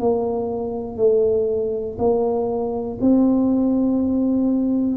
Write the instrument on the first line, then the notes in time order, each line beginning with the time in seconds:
tuba
0.00 A#3
0.97 A3
1.99 A#3
3.01 C4